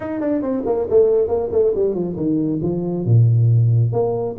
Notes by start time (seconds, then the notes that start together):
0.00 D#4
0.20 D4
0.42 C4
0.65 A#3
0.89 A3
1.27 A#3
1.51 A3
1.75 G3
1.94 F3
2.16 D#3
2.62 F3
3.05 A#2
3.92 A#3